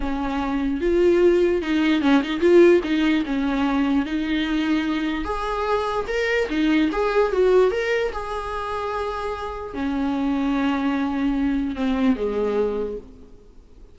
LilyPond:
\new Staff \with { instrumentName = "viola" } { \time 4/4 \tempo 4 = 148 cis'2 f'2 | dis'4 cis'8 dis'8 f'4 dis'4 | cis'2 dis'2~ | dis'4 gis'2 ais'4 |
dis'4 gis'4 fis'4 ais'4 | gis'1 | cis'1~ | cis'4 c'4 gis2 | }